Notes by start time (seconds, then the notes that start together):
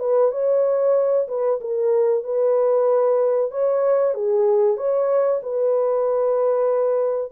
0.00 B4
0.32 C#5
1.28 B4
1.61 A#4
2.24 B4
3.51 C#5
4.15 G#4
4.77 C#5
5.43 B4